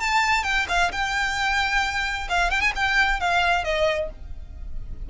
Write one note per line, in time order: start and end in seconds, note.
0.00 0.44 A5
0.44 0.66 G5
0.69 0.91 F5
0.92 2.28 G5
2.29 2.51 F5
2.51 2.61 G5
2.61 2.72 G#5
2.76 3.20 G5
3.20 3.64 F5
3.64 4.10 D#5